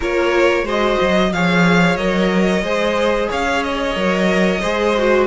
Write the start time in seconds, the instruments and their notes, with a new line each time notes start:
0.00 cello A#3, viola F4, violin A#4 C#5
0.63 cello G#3, viola F#4, violin C5 D#5
1.01 cello F#3
1.32 cello F3, viola G#4, violin C#5 F5
1.96 cello F#3, viola A#4, violin D#5
2.62 cello G#3, viola G#4, violin C5
3.29 cello C#4, violin C#5 F5
3.63 violin D#5
3.95 cello F#3, viola A#4
4.61 cello G#3, viola G#4, violin C5
4.98 viola F#4